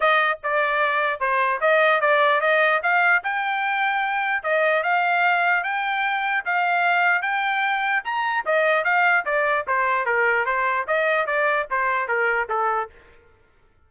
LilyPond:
\new Staff \with { instrumentName = "trumpet" } { \time 4/4 \tempo 4 = 149 dis''4 d''2 c''4 | dis''4 d''4 dis''4 f''4 | g''2. dis''4 | f''2 g''2 |
f''2 g''2 | ais''4 dis''4 f''4 d''4 | c''4 ais'4 c''4 dis''4 | d''4 c''4 ais'4 a'4 | }